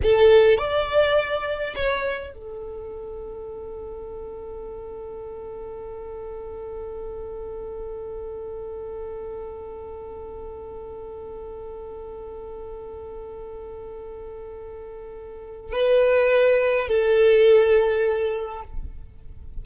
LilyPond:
\new Staff \with { instrumentName = "violin" } { \time 4/4 \tempo 4 = 103 a'4 d''2 cis''4 | a'1~ | a'1~ | a'1~ |
a'1~ | a'1~ | a'2. b'4~ | b'4 a'2. | }